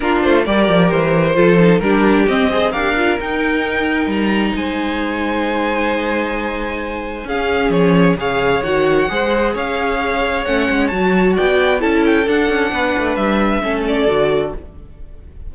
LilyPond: <<
  \new Staff \with { instrumentName = "violin" } { \time 4/4 \tempo 4 = 132 ais'8 c''8 d''4 c''2 | ais'4 dis''4 f''4 g''4~ | g''4 ais''4 gis''2~ | gis''1 |
f''4 cis''4 f''4 fis''4~ | fis''4 f''2 fis''4 | a''4 g''4 a''8 g''8 fis''4~ | fis''4 e''4. d''4. | }
  \new Staff \with { instrumentName = "violin" } { \time 4/4 f'4 ais'2 a'4 | g'4. c''8 ais'2~ | ais'2 c''2~ | c''1 |
gis'2 cis''2 | c''4 cis''2.~ | cis''4 d''4 a'2 | b'2 a'2 | }
  \new Staff \with { instrumentName = "viola" } { \time 4/4 d'4 g'2 f'8 dis'8 | d'4 c'8 gis'8 g'8 f'8 dis'4~ | dis'1~ | dis'1 |
cis'2 gis'4 fis'4 | gis'2. cis'4 | fis'2 e'4 d'4~ | d'2 cis'4 fis'4 | }
  \new Staff \with { instrumentName = "cello" } { \time 4/4 ais8 a8 g8 f8 e4 f4 | g4 c'4 d'4 dis'4~ | dis'4 g4 gis2~ | gis1 |
cis'4 f4 cis4 dis4 | gis4 cis'2 a8 gis8 | fis4 b4 cis'4 d'8 cis'8 | b8 a8 g4 a4 d4 | }
>>